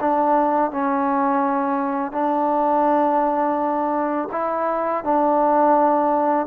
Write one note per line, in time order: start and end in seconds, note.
0.00 0.71 D4
0.71 2.12 C#4
2.12 4.28 D4
4.31 5.04 E4
5.04 6.46 D4